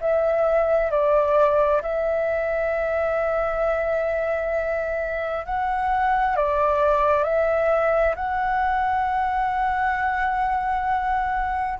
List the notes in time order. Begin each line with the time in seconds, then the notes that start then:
0.00 E5
0.90 D5
1.82 E5
5.45 F#5
6.36 D5
7.23 E5
8.15 F#5